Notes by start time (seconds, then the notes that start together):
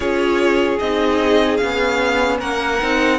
0.00 C#4 F4 G#4 C#5
0.79 C4 D#4 D#5
1.57 B3 C#4 F5
2.38 A#3 A#4 F#5
2.81 C4 D#4